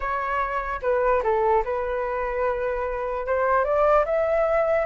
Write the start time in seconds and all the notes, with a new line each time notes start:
0.00 C#5
0.81 B4
1.23 A4
1.64 B4
3.26 C5
3.64 D5
4.05 E5